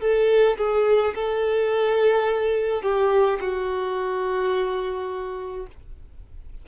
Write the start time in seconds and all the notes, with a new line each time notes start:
0.00 A4
0.58 G#4
1.15 A4
2.83 G4
3.40 F#4